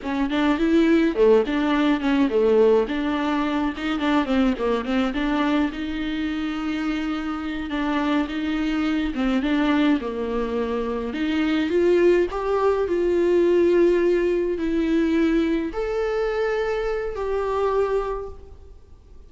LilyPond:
\new Staff \with { instrumentName = "viola" } { \time 4/4 \tempo 4 = 105 cis'8 d'8 e'4 a8 d'4 cis'8 | a4 d'4. dis'8 d'8 c'8 | ais8 c'8 d'4 dis'2~ | dis'4. d'4 dis'4. |
c'8 d'4 ais2 dis'8~ | dis'8 f'4 g'4 f'4.~ | f'4. e'2 a'8~ | a'2 g'2 | }